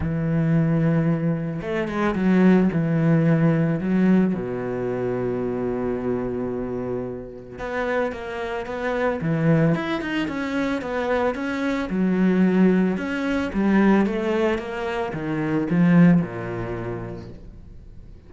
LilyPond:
\new Staff \with { instrumentName = "cello" } { \time 4/4 \tempo 4 = 111 e2. a8 gis8 | fis4 e2 fis4 | b,1~ | b,2 b4 ais4 |
b4 e4 e'8 dis'8 cis'4 | b4 cis'4 fis2 | cis'4 g4 a4 ais4 | dis4 f4 ais,2 | }